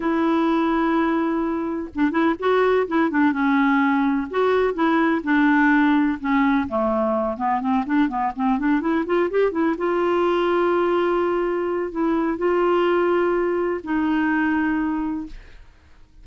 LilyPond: \new Staff \with { instrumentName = "clarinet" } { \time 4/4 \tempo 4 = 126 e'1 | d'8 e'8 fis'4 e'8 d'8 cis'4~ | cis'4 fis'4 e'4 d'4~ | d'4 cis'4 a4. b8 |
c'8 d'8 b8 c'8 d'8 e'8 f'8 g'8 | e'8 f'2.~ f'8~ | f'4 e'4 f'2~ | f'4 dis'2. | }